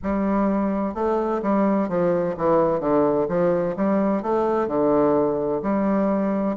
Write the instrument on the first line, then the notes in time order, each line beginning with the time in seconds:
bassoon
0.03 G3
0.94 A3
1.42 G3
1.88 F3
2.37 E3
2.80 D3
3.28 F3
3.76 G3
4.22 A3
4.67 D3
5.62 G3